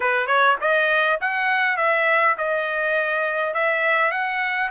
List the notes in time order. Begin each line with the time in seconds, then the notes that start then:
0.00 B4
0.26 C#5
0.60 D#5
1.21 F#5
1.76 E5
2.37 D#5
3.54 E5
4.11 F#5